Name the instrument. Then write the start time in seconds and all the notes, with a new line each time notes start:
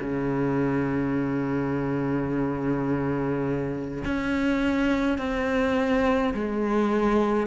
cello
0.00 C#3
4.05 C#4
5.18 C4
6.34 G#3